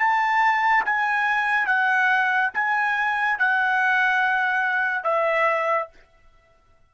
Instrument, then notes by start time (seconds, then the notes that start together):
trumpet
0.00 A5
0.86 G#5
1.67 F#5
2.55 G#5
3.39 F#5
5.04 E5